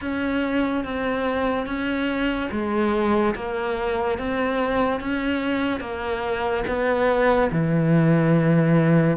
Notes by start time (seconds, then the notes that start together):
0.01 C#4
0.84 C4
1.66 C#4
2.51 G#3
3.35 A#3
4.18 C4
5.00 C#4
5.80 A#3
6.67 B3
7.51 E3